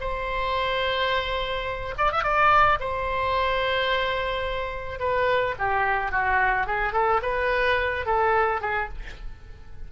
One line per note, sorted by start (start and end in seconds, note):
0.00 1.94 C5
1.98 2.12 D5
2.12 2.23 E5
2.23 2.79 D5
2.80 4.99 C5
4.99 5.55 B4
5.58 6.11 G4
6.11 6.66 F#4
6.66 6.92 G#4
6.92 7.20 A4
7.22 8.06 B4
8.06 8.61 A4
8.61 8.88 G#4